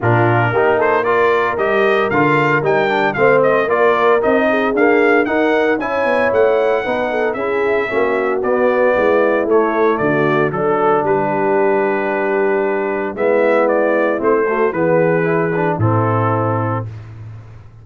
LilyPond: <<
  \new Staff \with { instrumentName = "trumpet" } { \time 4/4 \tempo 4 = 114 ais'4. c''8 d''4 dis''4 | f''4 g''4 f''8 dis''8 d''4 | dis''4 f''4 fis''4 gis''4 | fis''2 e''2 |
d''2 cis''4 d''4 | a'4 b'2.~ | b'4 e''4 d''4 c''4 | b'2 a'2 | }
  \new Staff \with { instrumentName = "horn" } { \time 4/4 f'4 g'8 a'8 ais'2~ | ais'2 c''4 ais'4~ | ais'8 gis'4. ais'4 cis''4~ | cis''4 b'8 a'8 gis'4 fis'4~ |
fis'4 e'2 fis'4 | a'4 g'2.~ | g'4 e'2~ e'8 fis'8 | gis'2 e'2 | }
  \new Staff \with { instrumentName = "trombone" } { \time 4/4 d'4 dis'4 f'4 g'4 | f'4 dis'8 d'8 c'4 f'4 | dis'4 ais4 dis'4 e'4~ | e'4 dis'4 e'4 cis'4 |
b2 a2 | d'1~ | d'4 b2 c'8 a8 | b4 e'8 d'8 c'2 | }
  \new Staff \with { instrumentName = "tuba" } { \time 4/4 ais,4 ais2 g4 | d4 g4 a4 ais4 | c'4 d'4 dis'4 cis'8 b8 | a4 b4 cis'4 ais4 |
b4 gis4 a4 d4 | fis4 g2.~ | g4 gis2 a4 | e2 a,2 | }
>>